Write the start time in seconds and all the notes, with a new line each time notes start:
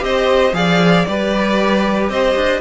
0.00 C4 G4 C5 D#5
0.53 F3 G#4 D5 F5
1.05 G3 G4 B4 D5
2.09 C4 C5 D#5
2.36 D4